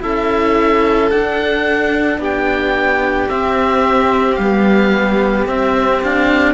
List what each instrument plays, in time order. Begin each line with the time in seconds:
0.00 cello C#4 E4, violin A4, oboe E5
1.10 cello D4, oboe F#5
2.18 cello B3, violin G4, oboe G5
3.29 cello C4, oboe E5
4.35 cello G3, oboe F5
4.41 cello B3
5.46 cello C4, oboe E5
6.03 cello D4, oboe F5